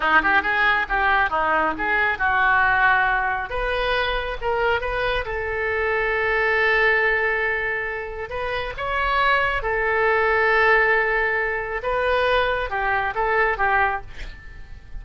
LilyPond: \new Staff \with { instrumentName = "oboe" } { \time 4/4 \tempo 4 = 137 dis'8 g'8 gis'4 g'4 dis'4 | gis'4 fis'2. | b'2 ais'4 b'4 | a'1~ |
a'2. b'4 | cis''2 a'2~ | a'2. b'4~ | b'4 g'4 a'4 g'4 | }